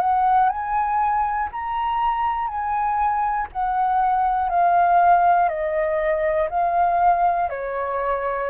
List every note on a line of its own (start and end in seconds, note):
0.00 0.49 F#5
0.49 1.49 G#5
1.52 2.48 A#5
2.48 3.48 G#5
3.52 4.50 F#5
4.50 5.49 F5
5.49 6.49 D#5
6.50 7.50 F5
7.50 8.50 C#5